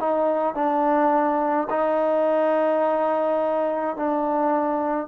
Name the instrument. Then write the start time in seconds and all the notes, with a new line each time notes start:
trombone
0.00 D#4
0.55 D4
1.70 D#4
3.97 D4